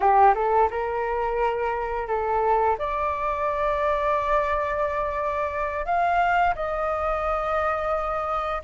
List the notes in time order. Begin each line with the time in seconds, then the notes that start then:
0.00 G4
0.34 A4
0.70 A#4
2.07 A4
2.78 D5
5.85 F5
6.55 D#5